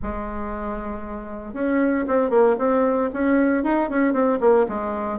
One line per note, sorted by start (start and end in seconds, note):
0.02 1.53 G#3
1.53 2.05 C#4
2.07 2.30 C4
2.30 2.56 A#3
2.58 3.10 C4
3.13 3.63 C#4
3.63 3.89 D#4
3.89 4.13 C#4
4.13 4.38 C4
4.40 4.66 A#3
4.68 5.19 G#3